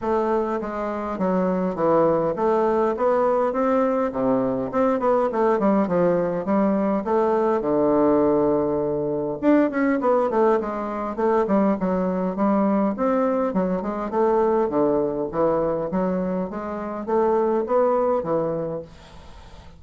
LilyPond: \new Staff \with { instrumentName = "bassoon" } { \time 4/4 \tempo 4 = 102 a4 gis4 fis4 e4 | a4 b4 c'4 c4 | c'8 b8 a8 g8 f4 g4 | a4 d2. |
d'8 cis'8 b8 a8 gis4 a8 g8 | fis4 g4 c'4 fis8 gis8 | a4 d4 e4 fis4 | gis4 a4 b4 e4 | }